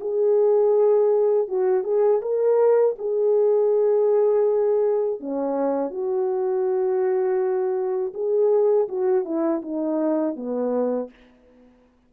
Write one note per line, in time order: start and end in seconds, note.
0.00 1.47 G#4
1.47 1.83 F#4
1.83 2.20 G#4
2.21 2.95 A#4
2.98 5.20 G#4
5.20 5.90 C#4
5.90 8.12 F#4
8.13 8.88 G#4
8.88 9.24 F#4
9.24 9.61 E4
9.62 10.36 D#4
10.36 11.10 B3